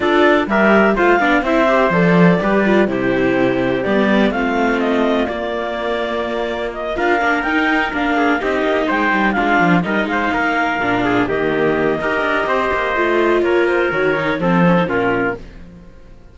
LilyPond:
<<
  \new Staff \with { instrumentName = "clarinet" } { \time 4/4 \tempo 4 = 125 d''4 e''4 f''4 e''4 | d''2 c''2 | d''4 f''4 dis''4 d''4~ | d''2 dis''8 f''4 g''8~ |
g''8 f''4 dis''4 g''4 f''8~ | f''8 dis''8 f''2~ f''8 dis''8~ | dis''1 | cis''8 c''8 cis''4 c''4 ais'4 | }
  \new Staff \with { instrumentName = "trumpet" } { \time 4/4 a'4 ais'4 c''8 d''8 c''4~ | c''4 b'4 g'2~ | g'4 f'2.~ | f'2~ f'8 ais'4.~ |
ais'4 gis'8 g'4 c''4 f'8~ | f'8 ais'8 c''8 ais'4. gis'8 g'8~ | g'4 ais'4 c''2 | ais'2 a'4 f'4 | }
  \new Staff \with { instrumentName = "viola" } { \time 4/4 f'4 g'4 f'8 d'8 e'8 g'8 | a'4 g'8 f'8 e'2 | b4 c'2 ais4~ | ais2~ ais8 f'8 d'8 dis'8~ |
dis'8 d'4 dis'2 d'8~ | d'8 dis'2 d'4 ais8~ | ais4 g'2 f'4~ | f'4 fis'8 dis'8 c'8 cis'16 dis'16 cis'4 | }
  \new Staff \with { instrumentName = "cello" } { \time 4/4 d'4 g4 a8 b8 c'4 | f4 g4 c2 | g4 a2 ais4~ | ais2~ ais8 d'8 ais8 dis'8~ |
dis'8 ais4 c'8 ais8 gis8 g8 gis8 | f8 g8 gis8 ais4 ais,4 dis8~ | dis4 dis'8 d'8 c'8 ais8 a4 | ais4 dis4 f4 ais,4 | }
>>